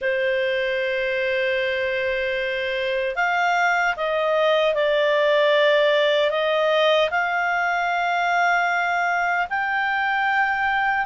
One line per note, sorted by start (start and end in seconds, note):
0.01 3.15 C5
3.15 3.94 F5
3.96 4.74 D#5
4.74 6.30 D5
6.30 7.09 D#5
7.10 9.47 F5
9.50 11.06 G5